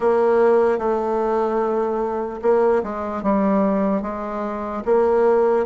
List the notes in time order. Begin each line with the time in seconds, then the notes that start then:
0.00 A#3
0.78 A3
2.41 A#3
2.83 G#3
3.22 G3
4.02 G#3
4.85 A#3